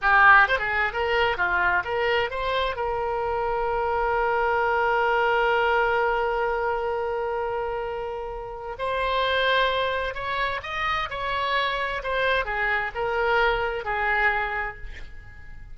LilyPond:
\new Staff \with { instrumentName = "oboe" } { \time 4/4 \tempo 4 = 130 g'4 c''16 gis'8. ais'4 f'4 | ais'4 c''4 ais'2~ | ais'1~ | ais'1~ |
ais'2. c''4~ | c''2 cis''4 dis''4 | cis''2 c''4 gis'4 | ais'2 gis'2 | }